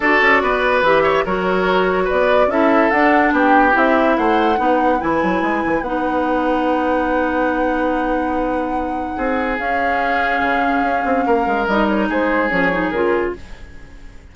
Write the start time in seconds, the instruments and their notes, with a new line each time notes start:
0.00 bassoon D4, clarinet F#4, oboe A4, flute D5
0.21 bassoon C#4
0.42 bassoon B3, oboe B4
0.81 bassoon E3, clarinet G4, flute E5
1.03 oboe C#5
1.25 bassoon F#3, clarinet F#4, oboe A#4, flute C#5
2.04 oboe B4, flute D5
2.11 bassoon B3
2.47 bassoon C#4, clarinet E4, oboe A4, flute E5
2.90 bassoon D4, clarinet D4, flute F#5
3.32 bassoon B3, oboe G4, flute G5
3.72 bassoon C4, clarinet E4, flute E5
4.17 bassoon A3, oboe C5, flute F#5
4.56 bassoon B3, clarinet D#4, oboe B4
4.99 bassoon E3, clarinet E4, flute G#5
5.22 bassoon F#3
5.42 bassoon G#3
5.65 bassoon E3
5.81 bassoon B3, clarinet D#4, flute F#5
9.16 bassoon C4, oboe G#4
9.58 clarinet C#4, bassoon C#4, flute F5
10.40 bassoon C#3
10.82 bassoon C#4
11.05 bassoon C4
11.26 bassoon A#3, oboe A#4
11.46 bassoon G#3
11.66 bassoon G3, clarinet D#4, flute D#5
11.88 flute C#5
12.08 bassoon G#3, oboe G#4, flute C5
12.49 bassoon F3, clarinet C#4, flute C#5
12.72 clarinet D#4
12.90 bassoon C#3, clarinet F4, flute A#4